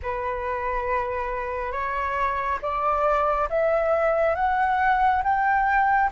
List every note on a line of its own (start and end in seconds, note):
0.02 1.72 B4
1.72 2.58 C#5
2.61 3.48 D5
3.49 4.35 E5
4.35 5.22 F#5
5.23 6.10 G5